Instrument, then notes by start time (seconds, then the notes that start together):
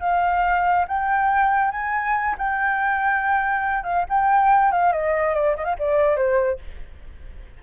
flute
0.00 F5
0.87 G5
1.71 G#5
2.38 G5
3.83 F5
4.09 G5
4.71 F5
4.92 D#5
5.34 D5
5.56 D#5
5.64 F5
5.79 D5
6.16 C5